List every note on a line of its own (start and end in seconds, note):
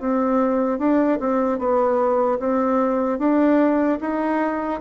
0.00 0.79 C4
0.79 1.19 D4
1.20 1.59 C4
1.59 2.39 B3
2.40 3.19 C4
3.19 3.99 D4
4.01 4.81 D#4